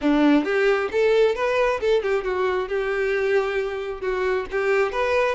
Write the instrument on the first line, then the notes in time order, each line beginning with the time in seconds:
violin
0.01 D4
0.44 G4
0.91 A4
1.35 B4
1.80 A4
2.02 G4
2.23 F#4
2.68 G4
4.01 F#4
4.51 G4
4.92 B4